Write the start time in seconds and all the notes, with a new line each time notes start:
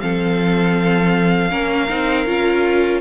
0.00 F3 C4 A4 F5
1.50 A#3 C#4 A#4
1.89 C4 D#4
2.26 C#4 F4